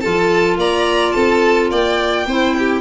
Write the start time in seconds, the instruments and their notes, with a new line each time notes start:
0.00 tuba F3, clarinet F4, violin A4 A5
0.56 tuba A#3, violin D5 A#5
1.12 tuba C4, violin A4 A5
1.70 tuba A#3, violin D5 G5
2.26 tuba C4, clarinet E4, violin C5
2.58 violin G4